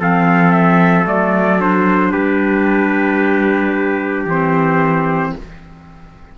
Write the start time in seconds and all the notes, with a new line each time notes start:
0.00 F3 C4 A4 F5
0.51 E5
1.05 F#3 A3 D5
1.60 D4 C5
2.12 G3 G4 B4
4.25 E3 C4 C5